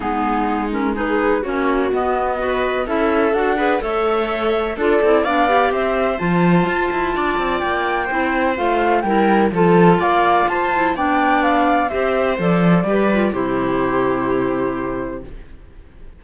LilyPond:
<<
  \new Staff \with { instrumentName = "flute" } { \time 4/4 \tempo 4 = 126 gis'4. ais'8 b'4 cis''4 | dis''2 e''4 fis''4 | e''2 d''4 f''4 | e''4 a''2. |
g''2 f''4 g''4 | a''4 f''4 a''4 g''4 | f''4 e''4 d''2 | c''1 | }
  \new Staff \with { instrumentName = "viola" } { \time 4/4 dis'2 gis'4 fis'4~ | fis'4 b'4 a'4. b'8 | cis''2 a'4 d''4 | c''2. d''4~ |
d''4 c''2 ais'4 | a'4 d''4 c''4 d''4~ | d''4 c''2 b'4 | g'1 | }
  \new Staff \with { instrumentName = "clarinet" } { \time 4/4 b4. cis'8 dis'4 cis'4 | b4 fis'4 e'4 fis'8 gis'8 | a'2 f'8 e'8 d'8 g'8~ | g'4 f'2.~ |
f'4 e'4 f'4 e'4 | f'2~ f'8 e'8 d'4~ | d'4 g'4 a'4 g'8 f'8 | e'1 | }
  \new Staff \with { instrumentName = "cello" } { \time 4/4 gis2. ais4 | b2 cis'4 d'4 | a2 d'8 c'8 b4 | c'4 f4 f'8 e'8 d'8 c'8 |
ais4 c'4 a4 g4 | f4 ais4 f'4 b4~ | b4 c'4 f4 g4 | c1 | }
>>